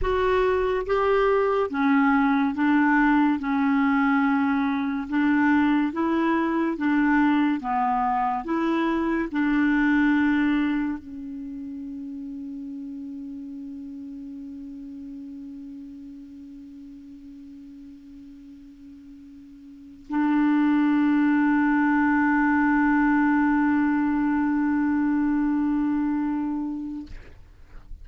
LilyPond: \new Staff \with { instrumentName = "clarinet" } { \time 4/4 \tempo 4 = 71 fis'4 g'4 cis'4 d'4 | cis'2 d'4 e'4 | d'4 b4 e'4 d'4~ | d'4 cis'2.~ |
cis'1~ | cis'2.~ cis'8. d'16~ | d'1~ | d'1 | }